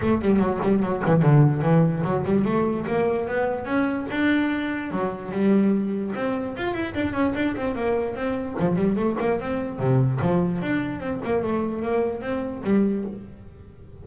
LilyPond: \new Staff \with { instrumentName = "double bass" } { \time 4/4 \tempo 4 = 147 a8 g8 fis8 g8 fis8 e8 d4 | e4 fis8 g8 a4 ais4 | b4 cis'4 d'2 | fis4 g2 c'4 |
f'8 e'8 d'8 cis'8 d'8 c'8 ais4 | c'4 f8 g8 a8 ais8 c'4 | c4 f4 d'4 c'8 ais8 | a4 ais4 c'4 g4 | }